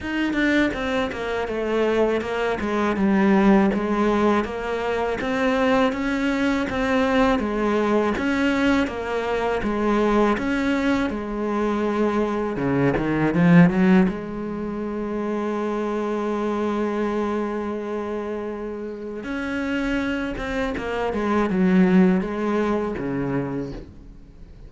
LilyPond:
\new Staff \with { instrumentName = "cello" } { \time 4/4 \tempo 4 = 81 dis'8 d'8 c'8 ais8 a4 ais8 gis8 | g4 gis4 ais4 c'4 | cis'4 c'4 gis4 cis'4 | ais4 gis4 cis'4 gis4~ |
gis4 cis8 dis8 f8 fis8 gis4~ | gis1~ | gis2 cis'4. c'8 | ais8 gis8 fis4 gis4 cis4 | }